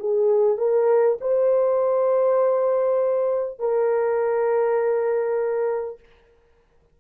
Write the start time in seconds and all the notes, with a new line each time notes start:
0.00 G#4
0.58 A#4
1.21 C5
3.60 A#4